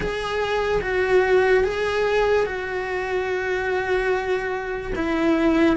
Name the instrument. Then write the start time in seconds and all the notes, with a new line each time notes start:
cello
0.00 G#4
0.81 F#4
1.64 G#4
2.46 F#4
4.95 E4